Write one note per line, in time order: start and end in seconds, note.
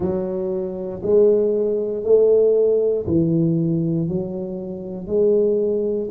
0.00 1.01 F#3
1.02 2.03 G#3
2.03 3.05 A3
3.06 4.08 E3
4.08 5.07 F#3
5.07 6.08 G#3